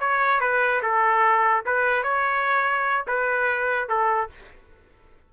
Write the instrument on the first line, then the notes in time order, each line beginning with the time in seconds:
trumpet
0.00 C#5
0.41 B4
0.82 A4
1.66 B4
2.03 C#5
3.07 B4
3.89 A4